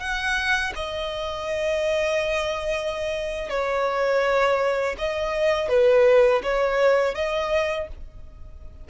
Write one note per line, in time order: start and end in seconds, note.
0.00 0.73 F#5
0.75 3.50 D#5
3.50 4.96 C#5
4.98 5.68 D#5
5.68 6.42 B4
6.43 7.15 C#5
7.15 7.88 D#5